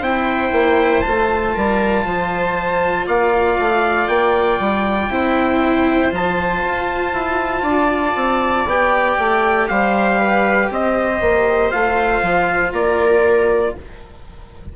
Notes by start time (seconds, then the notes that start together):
0.00 C4 E4 C5 G5
0.52 A#3
1.02 A3 F4 A5
1.54 G3 A#4
2.05 F3 C5
3.07 A#3 D5 F5
3.59 A3
4.08 A#3 G5
4.60 G3
5.10 C4 E4 C5
6.11 F3 F4 A5
6.66 F4
7.13 E4
7.62 D4 D5
8.16 C4
8.66 B3 G4 G5
9.19 A3
9.68 G3 C5 F5
10.19 B4
10.70 C4 C5 D#5
11.21 A#3
11.71 A3 F4 F5
12.22 F3
12.72 A#3 A#4 D5